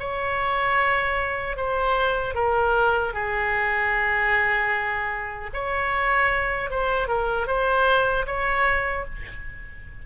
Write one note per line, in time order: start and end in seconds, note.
0.00 1.57 C#5
1.57 2.35 C5
2.35 3.14 A#4
3.14 5.51 G#4
5.54 6.71 C#5
6.71 7.08 C5
7.08 7.47 A#4
7.47 8.26 C5
8.26 9.05 C#5